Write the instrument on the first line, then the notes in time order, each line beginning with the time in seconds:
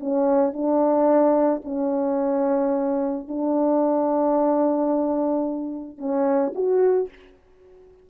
horn
0.00 C#4
0.53 D4
1.65 C#4
3.28 D4
5.98 C#4
6.55 F#4